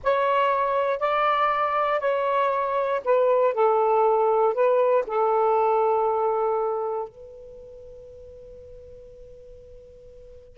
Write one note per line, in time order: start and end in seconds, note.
0.03 0.99 C#5
0.99 2.00 D5
2.00 3.00 C#5
3.04 3.54 B4
3.54 4.54 A4
4.54 5.04 B4
5.06 7.08 A4
7.08 10.57 B4